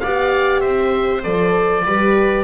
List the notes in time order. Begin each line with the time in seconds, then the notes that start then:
0.00 B3 G4 D5 F5
0.61 C4 C5 E5
1.23 F3 A4 D5
1.85 G3 G4 B4